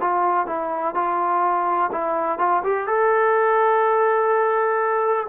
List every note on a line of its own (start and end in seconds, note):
0.00 0.46 F4
0.46 0.94 E4
0.95 1.91 F4
1.92 2.39 E4
2.39 2.63 F4
2.63 2.87 G4
2.87 5.27 A4